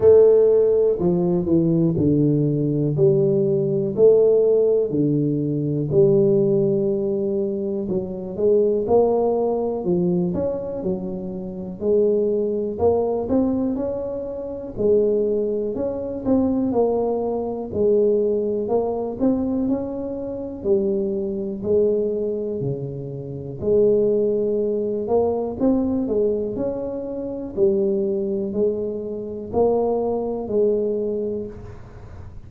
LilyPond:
\new Staff \with { instrumentName = "tuba" } { \time 4/4 \tempo 4 = 61 a4 f8 e8 d4 g4 | a4 d4 g2 | fis8 gis8 ais4 f8 cis'8 fis4 | gis4 ais8 c'8 cis'4 gis4 |
cis'8 c'8 ais4 gis4 ais8 c'8 | cis'4 g4 gis4 cis4 | gis4. ais8 c'8 gis8 cis'4 | g4 gis4 ais4 gis4 | }